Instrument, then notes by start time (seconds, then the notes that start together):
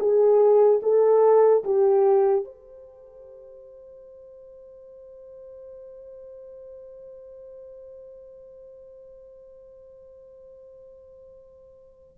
horn
0.00 G#4
0.83 A4
1.64 G4
2.45 C5